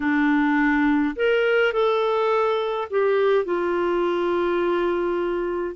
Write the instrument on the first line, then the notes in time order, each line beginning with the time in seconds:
clarinet
0.00 D4
1.15 A#4
1.73 A4
2.90 G4
3.45 F4